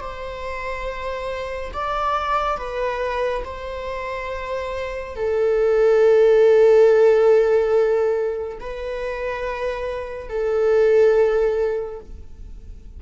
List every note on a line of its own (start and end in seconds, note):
0.00 1.71 C5
1.73 2.57 D5
2.57 3.43 B4
3.44 5.15 C5
5.15 8.58 A4
8.60 10.29 B4
10.29 12.00 A4